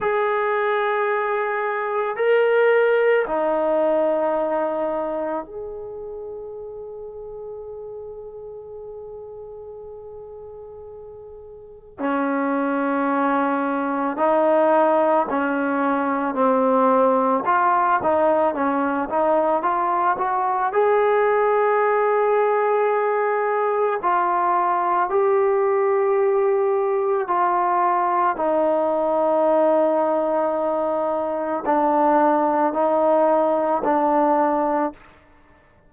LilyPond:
\new Staff \with { instrumentName = "trombone" } { \time 4/4 \tempo 4 = 55 gis'2 ais'4 dis'4~ | dis'4 gis'2.~ | gis'2. cis'4~ | cis'4 dis'4 cis'4 c'4 |
f'8 dis'8 cis'8 dis'8 f'8 fis'8 gis'4~ | gis'2 f'4 g'4~ | g'4 f'4 dis'2~ | dis'4 d'4 dis'4 d'4 | }